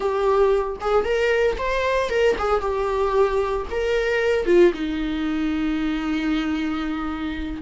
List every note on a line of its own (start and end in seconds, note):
0.00 0.76 G4
0.80 1.04 G#4
1.04 1.56 A#4
1.58 2.09 C5
2.09 2.36 A#4
2.38 2.60 G#4
2.60 3.66 G4
3.70 4.46 A#4
4.46 4.72 F4
4.73 7.62 D#4